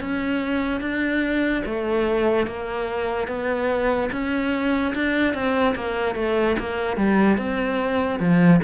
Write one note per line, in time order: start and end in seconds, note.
0.00 0.81 C#4
0.81 1.63 D4
1.65 2.46 A3
2.46 3.27 A#3
3.27 4.09 B3
4.12 4.94 C#4
4.94 5.33 D4
5.33 5.75 C4
5.75 6.15 A#3
6.15 6.56 A3
6.59 6.96 A#3
6.96 7.37 G3
7.37 8.19 C4
8.19 8.60 F3